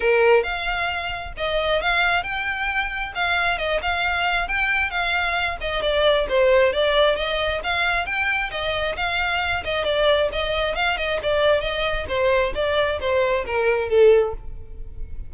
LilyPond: \new Staff \with { instrumentName = "violin" } { \time 4/4 \tempo 4 = 134 ais'4 f''2 dis''4 | f''4 g''2 f''4 | dis''8 f''4. g''4 f''4~ | f''8 dis''8 d''4 c''4 d''4 |
dis''4 f''4 g''4 dis''4 | f''4. dis''8 d''4 dis''4 | f''8 dis''8 d''4 dis''4 c''4 | d''4 c''4 ais'4 a'4 | }